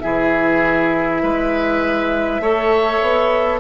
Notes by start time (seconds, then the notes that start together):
0.00 E3 E4 G#4 E5
1.23 G#3 B4
2.40 A3 A4 C#5
3.02 B3